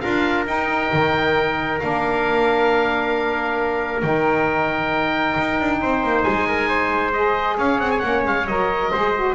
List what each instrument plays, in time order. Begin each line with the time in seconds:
0.00 double bass D4, saxophone F4, trumpet A#4, oboe F5
0.46 saxophone D#4, double bass D#4, oboe G5
0.93 double bass D#3
1.80 double bass A#3, saxophone D4, oboe F5
4.02 double bass D#3, saxophone D#4, oboe G5
5.38 double bass D#4
5.60 double bass D4
5.81 double bass C4, trumpet C5
6.03 double bass A#3
6.22 double bass G#3, oboe G#5
6.48 trumpet A#4
6.68 trumpet C5
7.12 saxophone G#4, oboe D#5
7.57 double bass C#4, trumpet C#5, oboe F5
7.79 double bass C4, oboe F#5
7.91 oboe G#5
7.99 double bass A#3, saxophone C#4, oboe F#5
8.25 double bass G#3, oboe F5
8.47 double bass F#3, saxophone A#4, oboe D#5
8.91 double bass G#3, saxophone G#4, trumpet C5
9.15 saxophone F#4